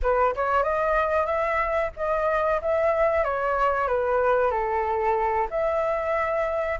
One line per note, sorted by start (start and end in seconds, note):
0.02 0.34 B4
0.35 0.63 C#5
0.63 1.26 D#5
1.26 1.90 E5
1.96 2.60 D#5
2.61 3.24 E5
3.24 3.87 C#5
3.87 4.50 B4
4.50 5.47 A4
5.50 6.79 E5